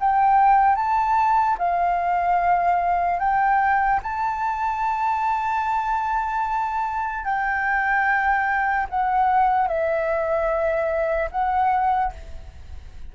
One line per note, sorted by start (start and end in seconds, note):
0.00 0.76 G5
0.76 1.57 A5
1.58 3.19 F5
3.19 4.00 G5
4.02 7.25 A5
7.25 8.87 G5
8.90 9.67 F#5
9.67 11.30 E5
11.31 12.12 F#5